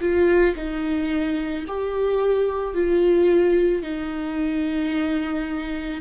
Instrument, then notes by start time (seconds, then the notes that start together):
viola
0.00 F4
0.56 D#4
1.67 G4
2.74 F4
3.82 D#4